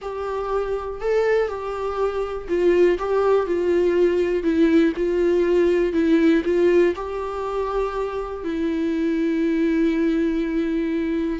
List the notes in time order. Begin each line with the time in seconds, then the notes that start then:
0.01 G4
1.00 A4
1.48 G4
2.48 F4
2.98 G4
3.46 F4
4.43 E4
4.96 F4
5.93 E4
6.44 F4
6.95 G4
8.44 E4